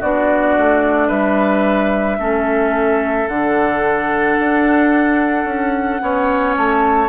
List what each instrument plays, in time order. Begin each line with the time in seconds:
0.00 bassoon B3, clarinet D4, oboe F#4, flute D5
0.58 bassoon A3
1.08 bassoon G3, oboe B4, flute E5
2.18 bassoon A3, clarinet C#4, oboe A4
3.28 bassoon D3, clarinet D4, flute F#5
4.39 bassoon D4
5.45 bassoon C#4
6.00 bassoon B3, clarinet C#4, oboe C#5
6.58 bassoon A3, flute A5